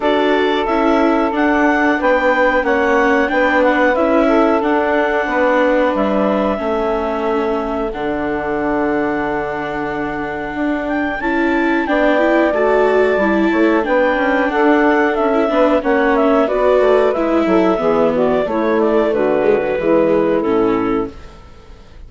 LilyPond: <<
  \new Staff \with { instrumentName = "clarinet" } { \time 4/4 \tempo 4 = 91 d''4 e''4 fis''4 g''4 | fis''4 g''8 fis''8 e''4 fis''4~ | fis''4 e''2. | fis''1~ |
fis''8 g''8 a''4 g''4 a''4~ | a''4 g''4 fis''4 e''4 | fis''8 e''8 d''4 e''4. d''8 | cis''8 d''8 b'2 a'4 | }
  \new Staff \with { instrumentName = "saxophone" } { \time 4/4 a'2. b'4 | cis''4 b'4. a'4. | b'2 a'2~ | a'1~ |
a'2 d''2~ | d''8 cis''8 b'4 a'4. b'8 | cis''4 b'4. a'8 gis'8 fis'8 | e'4 fis'4 e'2 | }
  \new Staff \with { instrumentName = "viola" } { \time 4/4 fis'4 e'4 d'2 | cis'4 d'4 e'4 d'4~ | d'2 cis'2 | d'1~ |
d'4 e'4 d'8 e'8 fis'4 | e'4 d'2~ d'16 e'16 d'8 | cis'4 fis'4 e'4 b4 | a4. gis16 fis16 gis4 cis'4 | }
  \new Staff \with { instrumentName = "bassoon" } { \time 4/4 d'4 cis'4 d'4 b4 | ais4 b4 cis'4 d'4 | b4 g4 a2 | d1 |
d'4 cis'4 b4 a4 | g8 a8 b8 cis'8 d'4 cis'8 b8 | ais4 b8 a8 gis8 fis8 e4 | a4 d4 e4 a,4 | }
>>